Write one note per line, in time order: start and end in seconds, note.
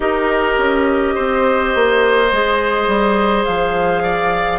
0.00 0.55 D#4
0.00 2.28 G4
0.00 1.14 A#4
0.00 3.44 D#5
0.57 1.15 C#4
1.14 1.74 C4
1.14 4.03 C5
1.74 2.31 A#3
2.31 2.87 G#3
2.31 4.59 G#4
2.87 3.44 G3
3.44 4.59 F3
3.44 4.59 F5
4.03 4.59 D5